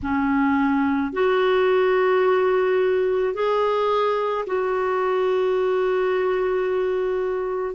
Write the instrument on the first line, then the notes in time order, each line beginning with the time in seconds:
clarinet
0.02 C#4
1.12 F#4
3.34 G#4
4.46 F#4